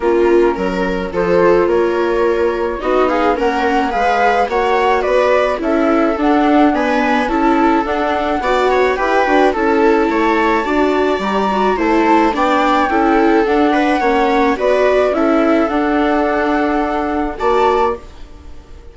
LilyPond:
<<
  \new Staff \with { instrumentName = "flute" } { \time 4/4 \tempo 4 = 107 ais'2 c''4 cis''4~ | cis''4 dis''8 f''8 fis''4 f''4 | fis''4 d''4 e''4 fis''4 | gis''4 a''4 fis''2 |
g''4 a''2. | ais''4 a''4 g''2 | fis''2 d''4 e''4 | fis''2. a''4 | }
  \new Staff \with { instrumentName = "viola" } { \time 4/4 f'4 ais'4 a'4 ais'4~ | ais'4 fis'8 gis'8 ais'4 b'4 | cis''4 b'4 a'2 | b'4 a'2 d''8 cis''8 |
b'4 a'4 cis''4 d''4~ | d''4 c''4 d''4 a'4~ | a'8 b'8 cis''4 b'4 a'4~ | a'2. d''4 | }
  \new Staff \with { instrumentName = "viola" } { \time 4/4 cis'2 f'2~ | f'4 dis'4 cis'4 gis'4 | fis'2 e'4 d'4 | b4 e'4 d'4 fis'4 |
g'8 fis'8 e'2 fis'4 | g'8 fis'8 e'4 d'4 e'4 | d'4 cis'4 fis'4 e'4 | d'2. fis'4 | }
  \new Staff \with { instrumentName = "bassoon" } { \time 4/4 ais4 fis4 f4 ais4~ | ais4 b4 ais4 gis4 | ais4 b4 cis'4 d'4~ | d'4 cis'4 d'4 b4 |
e'8 d'8 cis'4 a4 d'4 | g4 a4 b4 cis'4 | d'4 ais4 b4 cis'4 | d'2. ais4 | }
>>